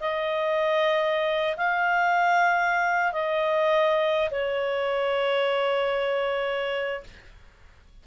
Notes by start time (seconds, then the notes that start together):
0.00 D#5
1.57 F5
3.12 D#5
4.31 C#5